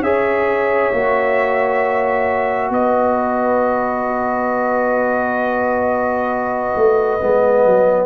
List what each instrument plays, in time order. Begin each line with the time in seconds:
0.00 tuba C#4, trombone G#4, horn C#5, trumpet E5
0.93 tuba A#3, trombone F#4
2.70 tuba B3, horn B4, trumpet D#5
6.76 tuba A3
7.20 tuba G#3, trombone B3
7.66 tuba F#3